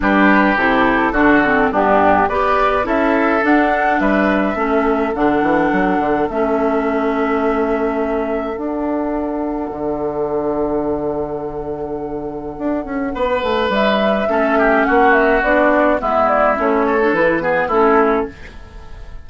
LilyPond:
<<
  \new Staff \with { instrumentName = "flute" } { \time 4/4 \tempo 4 = 105 b'4 a'2 g'4 | d''4 e''4 fis''4 e''4~ | e''4 fis''2 e''4~ | e''2. fis''4~ |
fis''1~ | fis''1 | e''2 fis''8 e''8 d''4 | e''8 d''8 cis''4 b'4 a'4 | }
  \new Staff \with { instrumentName = "oboe" } { \time 4/4 g'2 fis'4 d'4 | b'4 a'2 b'4 | a'1~ | a'1~ |
a'1~ | a'2. b'4~ | b'4 a'8 g'8 fis'2 | e'4. a'4 gis'8 e'4 | }
  \new Staff \with { instrumentName = "clarinet" } { \time 4/4 d'4 e'4 d'8 c'8 b4 | g'4 e'4 d'2 | cis'4 d'2 cis'4~ | cis'2. d'4~ |
d'1~ | d'1~ | d'4 cis'2 d'4 | b4 cis'8. d'16 e'8 b8 cis'4 | }
  \new Staff \with { instrumentName = "bassoon" } { \time 4/4 g4 c4 d4 g,4 | b4 cis'4 d'4 g4 | a4 d8 e8 fis8 d8 a4~ | a2. d'4~ |
d'4 d2.~ | d2 d'8 cis'8 b8 a8 | g4 a4 ais4 b4 | gis4 a4 e4 a4 | }
>>